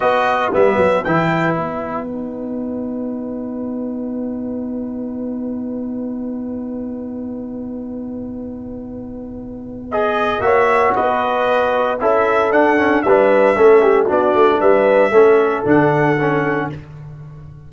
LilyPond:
<<
  \new Staff \with { instrumentName = "trumpet" } { \time 4/4 \tempo 4 = 115 dis''4 e''4 g''4 fis''4~ | fis''1~ | fis''1~ | fis''1~ |
fis''2. dis''4 | e''4 dis''2 e''4 | fis''4 e''2 d''4 | e''2 fis''2 | }
  \new Staff \with { instrumentName = "horn" } { \time 4/4 b'1~ | b'1~ | b'1~ | b'1~ |
b'1 | cis''4 b'2 a'4~ | a'4 b'4 a'8 g'8 fis'4 | b'4 a'2. | }
  \new Staff \with { instrumentName = "trombone" } { \time 4/4 fis'4 b4 e'2 | dis'1~ | dis'1~ | dis'1~ |
dis'2. gis'4 | fis'2. e'4 | d'8 cis'8 d'4 cis'4 d'4~ | d'4 cis'4 d'4 cis'4 | }
  \new Staff \with { instrumentName = "tuba" } { \time 4/4 b4 g8 fis8 e4 b4~ | b1~ | b1~ | b1~ |
b1 | ais4 b2 cis'4 | d'4 g4 a4 b8 a8 | g4 a4 d2 | }
>>